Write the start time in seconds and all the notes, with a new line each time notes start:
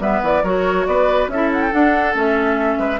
0.00 G3 B3 B4 E5
0.23 E3 D5
0.43 F#3 F#4 A#4 C#5
0.87 B3 B4 D5
1.28 C#4 E4 A4 E5
1.53 F#5
1.62 G5
1.72 D4 F#5
2.14 A3 C#4 E5
2.79 G#3 B4